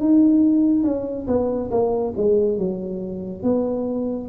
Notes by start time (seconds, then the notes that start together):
0.00 D#4
0.84 C#4
1.27 B3
1.71 A#3
2.17 G#3
2.58 F#3
3.43 B3